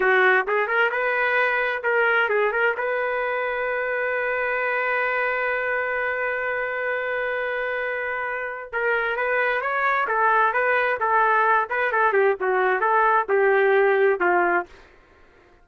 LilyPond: \new Staff \with { instrumentName = "trumpet" } { \time 4/4 \tempo 4 = 131 fis'4 gis'8 ais'8 b'2 | ais'4 gis'8 ais'8 b'2~ | b'1~ | b'1~ |
b'2. ais'4 | b'4 cis''4 a'4 b'4 | a'4. b'8 a'8 g'8 fis'4 | a'4 g'2 f'4 | }